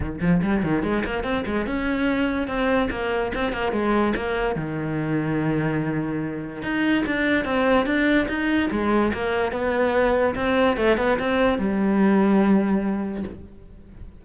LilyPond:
\new Staff \with { instrumentName = "cello" } { \time 4/4 \tempo 4 = 145 dis8 f8 g8 dis8 gis8 ais8 c'8 gis8 | cis'2 c'4 ais4 | c'8 ais8 gis4 ais4 dis4~ | dis1 |
dis'4 d'4 c'4 d'4 | dis'4 gis4 ais4 b4~ | b4 c'4 a8 b8 c'4 | g1 | }